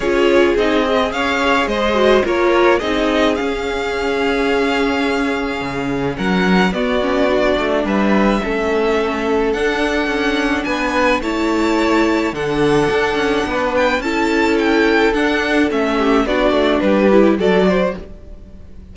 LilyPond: <<
  \new Staff \with { instrumentName = "violin" } { \time 4/4 \tempo 4 = 107 cis''4 dis''4 f''4 dis''4 | cis''4 dis''4 f''2~ | f''2. fis''4 | d''2 e''2~ |
e''4 fis''2 gis''4 | a''2 fis''2~ | fis''8 g''8 a''4 g''4 fis''4 | e''4 d''4 b'4 d''4 | }
  \new Staff \with { instrumentName = "violin" } { \time 4/4 gis'2 cis''4 c''4 | ais'4 gis'2.~ | gis'2. ais'4 | fis'2 b'4 a'4~ |
a'2. b'4 | cis''2 a'2 | b'4 a'2.~ | a'8 g'8 fis'4 g'4 a'8 c''8 | }
  \new Staff \with { instrumentName = "viola" } { \time 4/4 f'4 dis'8 gis'2 fis'8 | f'4 dis'4 cis'2~ | cis'1 | b8 cis'8 d'2 cis'4~ |
cis'4 d'2. | e'2 d'2~ | d'4 e'2 d'4 | cis'4 d'4. e'8 fis'4 | }
  \new Staff \with { instrumentName = "cello" } { \time 4/4 cis'4 c'4 cis'4 gis4 | ais4 c'4 cis'2~ | cis'2 cis4 fis4 | b4. a8 g4 a4~ |
a4 d'4 cis'4 b4 | a2 d4 d'8 cis'8 | b4 cis'2 d'4 | a4 b8 a8 g4 fis4 | }
>>